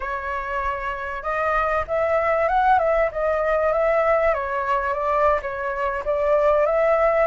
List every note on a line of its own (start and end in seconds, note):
0.00 1.23 C#5
1.23 1.84 D#5
1.87 2.48 E5
2.48 2.78 F#5
2.78 3.09 E5
3.11 3.72 D#5
3.72 4.34 E5
4.34 4.93 C#5
4.93 5.40 D5
5.42 6.03 C#5
6.04 6.66 D5
6.66 7.26 E5